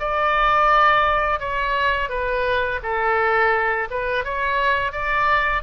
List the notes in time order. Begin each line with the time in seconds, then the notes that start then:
0.00 D5
1.40 C#5
2.10 B4
2.83 A4
3.91 B4
4.25 C#5
4.93 D5